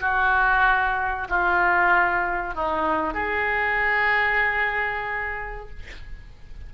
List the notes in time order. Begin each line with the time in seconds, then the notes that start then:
0.00 F#4
1.29 F4
2.54 D#4
3.14 G#4